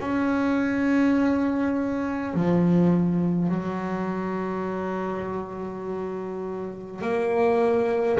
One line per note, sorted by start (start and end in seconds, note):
0.00 2.34 C#4
2.34 3.48 F3
3.48 7.01 F#3
7.01 8.19 A#3